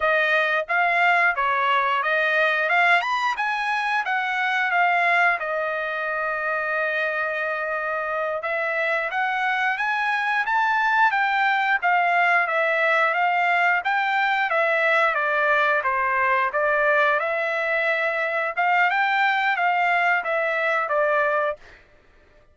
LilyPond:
\new Staff \with { instrumentName = "trumpet" } { \time 4/4 \tempo 4 = 89 dis''4 f''4 cis''4 dis''4 | f''8 b''8 gis''4 fis''4 f''4 | dis''1~ | dis''8 e''4 fis''4 gis''4 a''8~ |
a''8 g''4 f''4 e''4 f''8~ | f''8 g''4 e''4 d''4 c''8~ | c''8 d''4 e''2 f''8 | g''4 f''4 e''4 d''4 | }